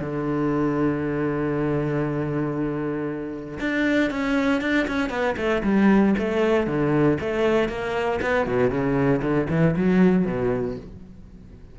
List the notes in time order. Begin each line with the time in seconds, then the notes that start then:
0.00 D3
3.60 D4
4.10 C#4
4.61 D4
4.87 C#4
5.10 B3
5.37 A3
5.63 G3
6.18 A3
6.67 D3
7.20 A3
7.69 A#3
8.22 B3
8.47 B2
8.70 C#3
9.22 D3
9.50 E3
9.76 F#3
10.26 B2